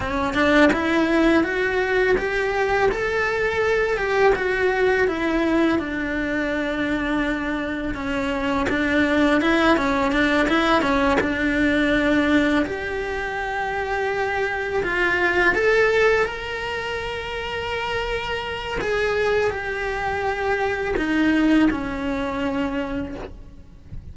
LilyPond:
\new Staff \with { instrumentName = "cello" } { \time 4/4 \tempo 4 = 83 cis'8 d'8 e'4 fis'4 g'4 | a'4. g'8 fis'4 e'4 | d'2. cis'4 | d'4 e'8 cis'8 d'8 e'8 cis'8 d'8~ |
d'4. g'2~ g'8~ | g'8 f'4 a'4 ais'4.~ | ais'2 gis'4 g'4~ | g'4 dis'4 cis'2 | }